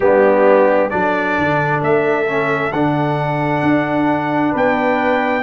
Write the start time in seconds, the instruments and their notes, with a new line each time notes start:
0.00 tuba G3, trombone B3, horn D4, trumpet G4
0.90 tuba F#3, trombone D4, horn A4, trumpet D5
1.38 tuba D3
1.81 tuba A3, trumpet E5
2.27 trombone C#4
2.71 tuba D3, trombone D4, trumpet F#5
3.62 tuba D4
4.51 tuba B3, horn B4, trumpet G5